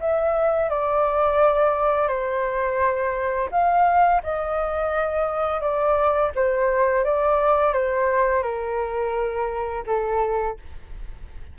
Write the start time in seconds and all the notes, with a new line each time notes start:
0.00 E5
0.69 D5
2.08 C5
3.51 F5
4.23 D#5
5.61 D5
6.35 C5
7.04 D5
7.73 C5
8.43 A#4
9.86 A4